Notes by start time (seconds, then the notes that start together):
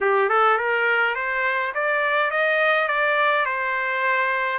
0.00 G4
0.29 A4
0.57 A#4
1.15 C5
1.74 D5
2.31 D#5
2.87 D5
3.45 C5